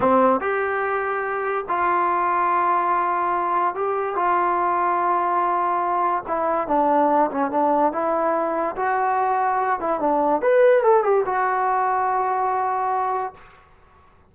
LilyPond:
\new Staff \with { instrumentName = "trombone" } { \time 4/4 \tempo 4 = 144 c'4 g'2. | f'1~ | f'4 g'4 f'2~ | f'2. e'4 |
d'4. cis'8 d'4 e'4~ | e'4 fis'2~ fis'8 e'8 | d'4 b'4 a'8 g'8 fis'4~ | fis'1 | }